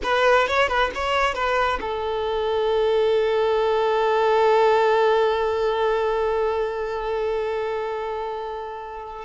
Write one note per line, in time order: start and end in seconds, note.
0.03 0.47 B4
0.47 0.68 C#5
0.68 0.90 B4
0.95 1.34 C#5
1.34 1.79 B4
1.80 9.25 A4